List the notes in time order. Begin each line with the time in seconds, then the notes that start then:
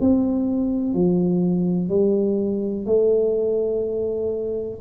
0.00 C4
0.94 F3
1.89 G3
2.86 A3